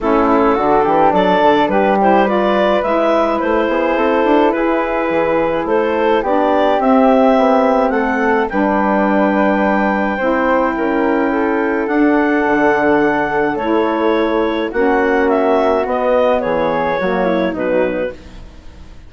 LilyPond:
<<
  \new Staff \with { instrumentName = "clarinet" } { \time 4/4 \tempo 4 = 106 a'2 d''4 b'8 c''8 | d''4 e''4 c''2 | b'2 c''4 d''4 | e''2 fis''4 g''4~ |
g''1~ | g''4 fis''2. | cis''2 fis''4 e''4 | dis''4 cis''2 b'4 | }
  \new Staff \with { instrumentName = "flute" } { \time 4/4 e'4 fis'8 g'8 a'4 g'4 | b'2~ b'8 gis'8 a'4 | gis'2 a'4 g'4~ | g'2 a'4 b'4~ |
b'2 c''4 ais'4 | a'1~ | a'2 fis'2~ | fis'4 gis'4 fis'8 e'8 dis'4 | }
  \new Staff \with { instrumentName = "saxophone" } { \time 4/4 cis'4 d'2~ d'8 e'8 | f'4 e'2.~ | e'2. d'4 | c'2. d'4~ |
d'2 e'2~ | e'4 d'2. | e'2 cis'2 | b2 ais4 fis4 | }
  \new Staff \with { instrumentName = "bassoon" } { \time 4/4 a4 d8 e8 fis8 d8 g4~ | g4 gis4 a8 b8 c'8 d'8 | e'4 e4 a4 b4 | c'4 b4 a4 g4~ |
g2 c'4 cis'4~ | cis'4 d'4 d2 | a2 ais2 | b4 e4 fis4 b,4 | }
>>